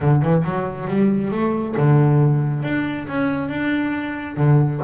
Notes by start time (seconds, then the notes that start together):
0.01 D3
0.22 E3
0.44 F#3
0.87 G3
1.31 A3
1.77 D3
2.63 D4
3.08 C#4
3.48 D4
4.37 D3